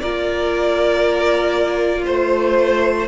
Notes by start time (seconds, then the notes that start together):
0.00 A#3 F4 A#4 D5
2.06 A3 C5